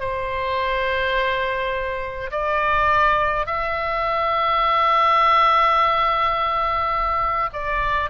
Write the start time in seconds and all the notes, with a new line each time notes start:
0.00 C5
2.31 D5
3.46 E5
7.53 D5